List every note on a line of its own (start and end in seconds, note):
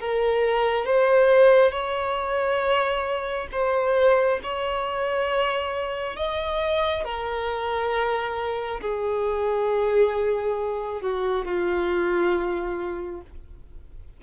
0.00 0.85 A#4
0.85 1.71 C5
1.71 3.48 C#5
3.51 4.40 C5
4.43 6.16 C#5
6.16 7.04 D#5
7.04 8.80 A#4
8.81 11.01 G#4
11.01 11.45 F#4
11.45 13.21 F4